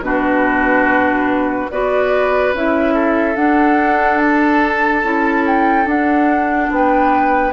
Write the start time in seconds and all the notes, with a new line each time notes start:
0.00 B2 D4 F#4 B4
1.70 B3 F#4 B4 D5
2.53 C#4 E4 E5
2.94 A4
3.35 D4 F#5
4.18 A5
5.03 C#4 E4
5.46 G5
5.85 D4 F#5
6.70 B3 B4 G5